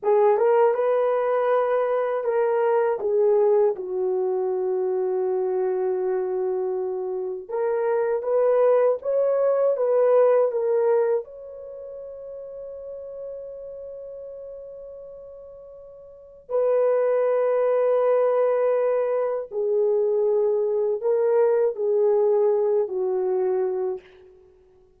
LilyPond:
\new Staff \with { instrumentName = "horn" } { \time 4/4 \tempo 4 = 80 gis'8 ais'8 b'2 ais'4 | gis'4 fis'2.~ | fis'2 ais'4 b'4 | cis''4 b'4 ais'4 cis''4~ |
cis''1~ | cis''2 b'2~ | b'2 gis'2 | ais'4 gis'4. fis'4. | }